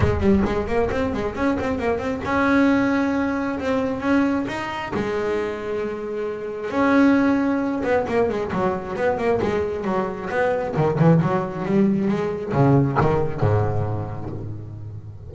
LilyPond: \new Staff \with { instrumentName = "double bass" } { \time 4/4 \tempo 4 = 134 gis8 g8 gis8 ais8 c'8 gis8 cis'8 c'8 | ais8 c'8 cis'2. | c'4 cis'4 dis'4 gis4~ | gis2. cis'4~ |
cis'4. b8 ais8 gis8 fis4 | b8 ais8 gis4 fis4 b4 | dis8 e8 fis4 g4 gis4 | cis4 dis4 gis,2 | }